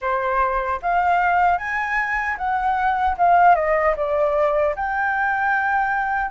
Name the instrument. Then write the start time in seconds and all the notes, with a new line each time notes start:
flute
0.01 C5
0.81 F5
1.58 G#5
2.37 F#5
3.17 F5
3.55 D#5
3.96 D5
4.75 G5